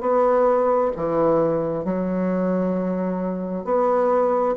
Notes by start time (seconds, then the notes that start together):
0.00 B3
0.95 E3
1.84 F#3
3.64 B3